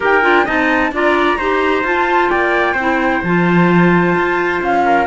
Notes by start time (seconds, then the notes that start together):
0.00 D#4 G4 A#4 G5
0.22 D4 F4
0.45 C4 D#4 D#5 A5
0.91 D4 F4 D5 A#5
1.38 D#4 G4 C5
1.83 F4 A5
2.29 A#3 D5 G5
2.73 C4 C5
2.79 E4
3.23 F3 F4 A5
4.15 F4
4.61 C#4 F5
4.85 A#4